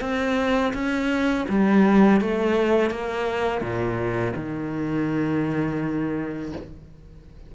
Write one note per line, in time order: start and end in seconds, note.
0.00 0.72 C4
0.73 1.46 C#4
1.49 2.20 G3
2.20 2.90 A3
2.90 3.60 A#3
3.60 4.33 A#2
4.35 6.52 D#3